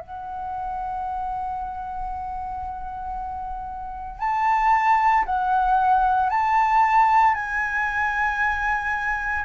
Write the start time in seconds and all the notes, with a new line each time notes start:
0.00 F#5
4.19 A5
5.25 F#5
6.30 A5
7.34 G#5